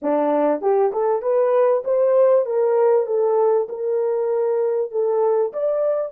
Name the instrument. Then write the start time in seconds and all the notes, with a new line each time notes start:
horn
0.01 D4
0.61 G4
0.92 A4
1.22 B4
1.84 C5
2.45 A#4
3.06 A4
3.68 A#4
4.91 A4
5.52 D5